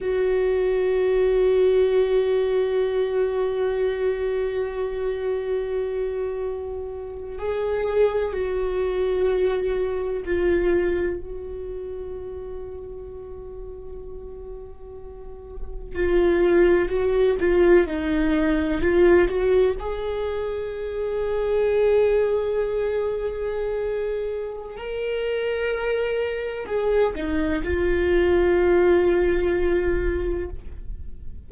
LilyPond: \new Staff \with { instrumentName = "viola" } { \time 4/4 \tempo 4 = 63 fis'1~ | fis'2.~ fis'8. gis'16~ | gis'8. fis'2 f'4 fis'16~ | fis'1~ |
fis'8. f'4 fis'8 f'8 dis'4 f'16~ | f'16 fis'8 gis'2.~ gis'16~ | gis'2 ais'2 | gis'8 dis'8 f'2. | }